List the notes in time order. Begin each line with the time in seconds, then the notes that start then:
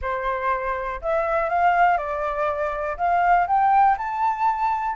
0.01 C5
1.01 E5
1.49 F5
1.97 D5
2.97 F5
3.47 G5
3.97 A5